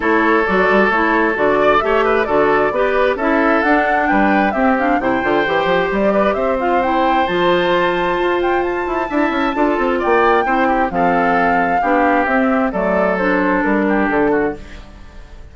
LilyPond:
<<
  \new Staff \with { instrumentName = "flute" } { \time 4/4 \tempo 4 = 132 cis''4 d''4 cis''4 d''4 | e''4 d''2 e''4 | fis''4 g''4 e''8 f''8 g''4~ | g''4 d''4 e''8 f''8 g''4 |
a''2~ a''8 g''8 a''4~ | a''2 g''2 | f''2. e''4 | d''4 c''4 ais'4 a'4 | }
  \new Staff \with { instrumentName = "oboe" } { \time 4/4 a'2.~ a'8 d''8 | cis''8 b'8 a'4 b'4 a'4~ | a'4 b'4 g'4 c''4~ | c''4. b'8 c''2~ |
c''1 | e''4 a'4 d''4 c''8 g'8 | a'2 g'2 | a'2~ a'8 g'4 fis'8 | }
  \new Staff \with { instrumentName = "clarinet" } { \time 4/4 e'4 fis'4 e'4 fis'4 | g'4 fis'4 g'4 e'4 | d'2 c'8 d'8 e'8 f'8 | g'2~ g'8 f'8 e'4 |
f'1 | e'4 f'2 e'4 | c'2 d'4 c'4 | a4 d'2. | }
  \new Staff \with { instrumentName = "bassoon" } { \time 4/4 a4 fis8 g8 a4 d4 | a4 d4 b4 cis'4 | d'4 g4 c'4 c8 d8 | e8 f8 g4 c'2 |
f2 f'4. e'8 | d'8 cis'8 d'8 c'8 ais4 c'4 | f2 b4 c'4 | fis2 g4 d4 | }
>>